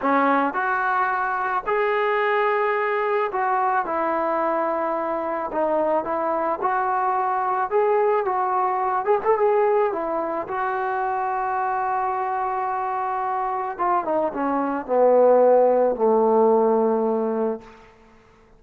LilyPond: \new Staff \with { instrumentName = "trombone" } { \time 4/4 \tempo 4 = 109 cis'4 fis'2 gis'4~ | gis'2 fis'4 e'4~ | e'2 dis'4 e'4 | fis'2 gis'4 fis'4~ |
fis'8 gis'16 a'16 gis'4 e'4 fis'4~ | fis'1~ | fis'4 f'8 dis'8 cis'4 b4~ | b4 a2. | }